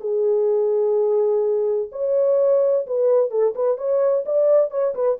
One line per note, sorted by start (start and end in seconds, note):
0.00 1.89 G#4
1.91 2.86 C#5
2.86 3.30 B4
3.30 3.54 A4
3.55 3.77 B4
3.77 4.24 C#5
4.25 4.70 D5
4.70 4.94 C#5
4.94 5.18 B4